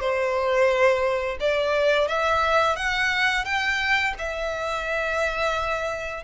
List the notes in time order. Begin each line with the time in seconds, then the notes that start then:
0.00 C5
1.40 D5
2.08 E5
2.76 F#5
3.45 G5
4.18 E5